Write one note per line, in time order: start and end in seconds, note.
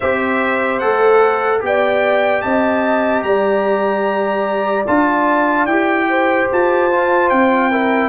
0.00 0.83 C4
0.00 0.81 G4
0.00 1.62 C5
0.00 0.79 E5
0.79 1.62 A3
0.79 1.60 A4
0.79 1.60 F#5
1.60 2.43 B3
1.60 4.84 G4
1.60 2.41 G5
1.66 2.44 D5
2.41 3.23 C4
2.41 3.25 D#5
2.41 3.22 A5
3.23 4.85 G3
3.23 6.09 D5
3.23 4.85 A#5
4.86 5.66 D4
4.86 5.68 F4
4.86 5.66 A5
5.66 6.47 E4
5.66 6.90 G4
5.66 6.47 G5
6.09 7.71 C5
6.52 7.31 F4
6.52 7.29 A5
6.91 7.71 F4
7.29 8.08 C4
7.29 8.08 G5
7.71 8.08 E4
7.71 8.08 A#4